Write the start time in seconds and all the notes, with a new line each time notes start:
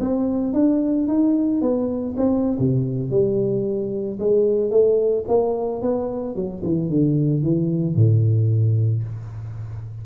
0.00 C4
0.53 D4
1.08 D#4
1.61 B3
2.17 C4
2.59 C3
3.10 G3
4.19 G#3
4.70 A3
5.28 A#3
5.82 B3
6.35 F#3
6.63 E3
6.89 D3
7.43 E3
7.95 A2